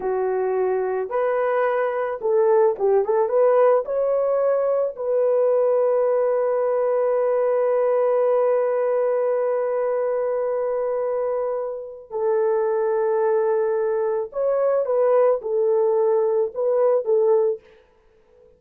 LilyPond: \new Staff \with { instrumentName = "horn" } { \time 4/4 \tempo 4 = 109 fis'2 b'2 | a'4 g'8 a'8 b'4 cis''4~ | cis''4 b'2.~ | b'1~ |
b'1~ | b'2 a'2~ | a'2 cis''4 b'4 | a'2 b'4 a'4 | }